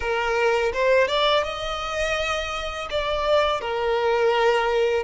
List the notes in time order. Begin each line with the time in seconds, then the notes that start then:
0.00 A#4
0.73 C5
1.07 D5
1.43 D#5
2.90 D5
3.60 A#4